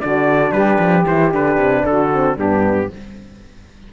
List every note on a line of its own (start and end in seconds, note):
0.00 0.51 D3
0.00 1.05 D4
0.00 0.53 F#4
0.00 0.52 D5
0.51 0.78 G3
0.51 1.84 G4
0.51 1.04 B4
0.79 1.05 F3
1.06 1.34 E3
1.06 1.32 E4
1.06 1.33 C5
1.32 1.56 D3
1.32 2.11 D4
1.32 1.85 B4
1.56 1.83 C3
1.85 2.36 D3
1.85 2.36 F#4
1.85 2.38 A4
2.11 2.37 C4
2.36 2.89 G2
2.36 2.92 B3
2.36 2.88 D4
2.36 2.92 G4